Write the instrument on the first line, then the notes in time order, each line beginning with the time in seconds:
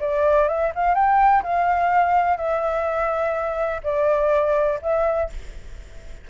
flute
0.00 D5
0.48 E5
0.75 F5
0.94 G5
1.43 F5
2.37 E5
3.83 D5
4.82 E5